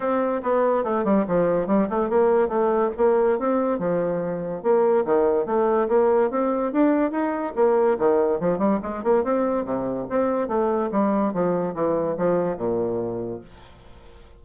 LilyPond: \new Staff \with { instrumentName = "bassoon" } { \time 4/4 \tempo 4 = 143 c'4 b4 a8 g8 f4 | g8 a8 ais4 a4 ais4 | c'4 f2 ais4 | dis4 a4 ais4 c'4 |
d'4 dis'4 ais4 dis4 | f8 g8 gis8 ais8 c'4 c4 | c'4 a4 g4 f4 | e4 f4 ais,2 | }